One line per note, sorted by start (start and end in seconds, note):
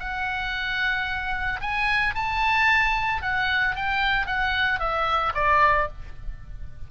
0.00 1.61 F#5
1.61 2.15 G#5
2.15 3.22 A5
3.23 3.76 F#5
3.76 4.27 G5
4.27 4.80 F#5
4.80 5.33 E5
5.35 5.88 D5